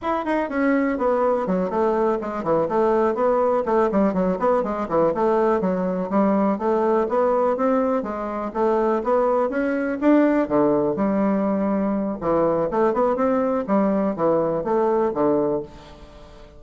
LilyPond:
\new Staff \with { instrumentName = "bassoon" } { \time 4/4 \tempo 4 = 123 e'8 dis'8 cis'4 b4 fis8 a8~ | a8 gis8 e8 a4 b4 a8 | g8 fis8 b8 gis8 e8 a4 fis8~ | fis8 g4 a4 b4 c'8~ |
c'8 gis4 a4 b4 cis'8~ | cis'8 d'4 d4 g4.~ | g4 e4 a8 b8 c'4 | g4 e4 a4 d4 | }